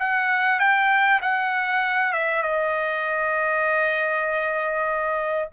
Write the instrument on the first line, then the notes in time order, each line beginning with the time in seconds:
trumpet
0.00 F#5
0.60 G5
1.22 F#5
2.13 E5
2.43 D#5